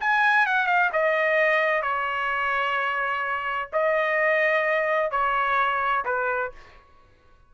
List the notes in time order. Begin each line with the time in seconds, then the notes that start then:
0.00 G#5
0.46 F#5
0.66 F5
0.92 D#5
1.82 C#5
3.72 D#5
5.11 C#5
6.05 B4